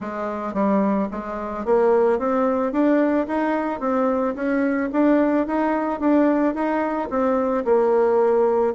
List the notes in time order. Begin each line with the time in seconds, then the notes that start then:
0.00 G#3
0.53 G3
1.11 G#3
1.65 A#3
2.18 C4
2.72 D4
3.27 D#4
3.80 C4
4.35 C#4
4.92 D4
5.46 D#4
6.00 D4
6.54 D#4
7.10 C4
7.64 A#3